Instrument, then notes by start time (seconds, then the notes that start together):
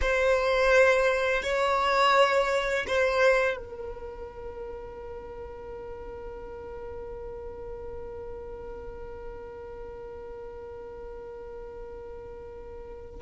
violin
0.01 C5
1.42 C#5
2.87 C5
3.56 A#4